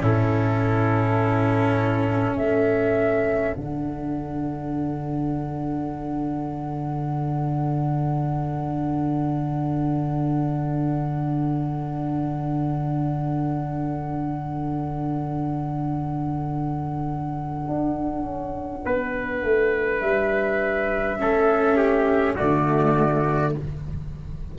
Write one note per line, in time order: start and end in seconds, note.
0.00 2.36 A2
0.00 3.53 C#4
0.00 2.35 E4
0.00 2.36 A4
2.35 3.54 A3
2.35 18.82 A4
2.35 3.54 E5
3.54 17.68 D3
3.54 21.19 D4
3.54 20.00 F#5
17.68 18.22 D4
18.22 18.80 C#4
18.85 19.42 B3
18.85 21.20 B4
19.42 20.01 A3
20.00 21.18 G3
20.00 22.35 E5
21.19 22.37 A3
21.19 22.36 C#4
21.19 21.76 A4
21.76 22.35 G4
22.35 23.58 D3
22.35 23.54 A3
22.35 23.53 F#4
22.35 23.54 D5